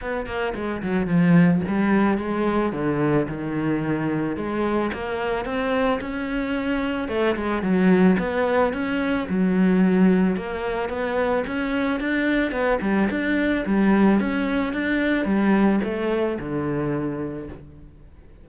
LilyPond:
\new Staff \with { instrumentName = "cello" } { \time 4/4 \tempo 4 = 110 b8 ais8 gis8 fis8 f4 g4 | gis4 d4 dis2 | gis4 ais4 c'4 cis'4~ | cis'4 a8 gis8 fis4 b4 |
cis'4 fis2 ais4 | b4 cis'4 d'4 b8 g8 | d'4 g4 cis'4 d'4 | g4 a4 d2 | }